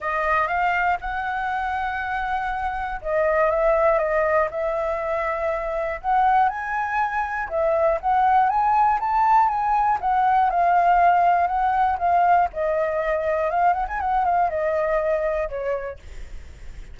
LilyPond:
\new Staff \with { instrumentName = "flute" } { \time 4/4 \tempo 4 = 120 dis''4 f''4 fis''2~ | fis''2 dis''4 e''4 | dis''4 e''2. | fis''4 gis''2 e''4 |
fis''4 gis''4 a''4 gis''4 | fis''4 f''2 fis''4 | f''4 dis''2 f''8 fis''16 gis''16 | fis''8 f''8 dis''2 cis''4 | }